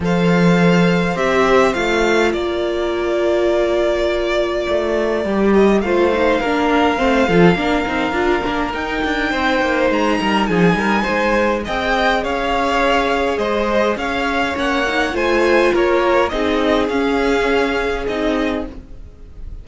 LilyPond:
<<
  \new Staff \with { instrumentName = "violin" } { \time 4/4 \tempo 4 = 103 f''2 e''4 f''4 | d''1~ | d''4. dis''8 f''2~ | f''2. g''4~ |
g''4 ais''4 gis''2 | g''4 f''2 dis''4 | f''4 fis''4 gis''4 cis''4 | dis''4 f''2 dis''4 | }
  \new Staff \with { instrumentName = "violin" } { \time 4/4 c''1 | ais'1~ | ais'2 c''4 ais'4 | c''8 a'8 ais'2. |
c''4. ais'8 gis'8 ais'8 c''4 | dis''4 cis''2 c''4 | cis''2 c''4 ais'4 | gis'1 | }
  \new Staff \with { instrumentName = "viola" } { \time 4/4 a'2 g'4 f'4~ | f'1~ | f'4 g'4 f'8 dis'8 d'4 | c'8 f'8 d'8 dis'8 f'8 d'8 dis'4~ |
dis'1 | gis'1~ | gis'4 cis'8 dis'8 f'2 | dis'4 cis'2 dis'4 | }
  \new Staff \with { instrumentName = "cello" } { \time 4/4 f2 c'4 a4 | ais1 | a4 g4 a4 ais4 | a8 f8 ais8 c'8 d'8 ais8 dis'8 d'8 |
c'8 ais8 gis8 g8 f8 g8 gis4 | c'4 cis'2 gis4 | cis'4 ais4 a4 ais4 | c'4 cis'2 c'4 | }
>>